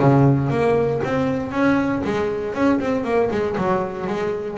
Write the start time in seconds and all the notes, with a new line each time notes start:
0.00 C#3
0.50 A#3
1.04 C4
1.51 C#4
2.04 G#3
2.54 C#4
2.80 C4
3.04 A#3
3.31 G#3
3.57 F#3
4.07 G#3